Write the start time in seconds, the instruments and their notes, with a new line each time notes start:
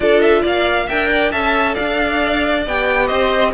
0.00 cello D4, viola F4, violin A4 D5
0.20 violin E5
0.41 cello A#3, violin D5 F5
0.86 cello D4, viola A#4, violin E5 G5
1.10 violin D5
1.31 cello C#4, viola A4, violin E5 A5
1.74 cello D4, violin D5 F5
2.66 cello B3, viola G4, violin G5
3.07 cello C4, violin C5 D#5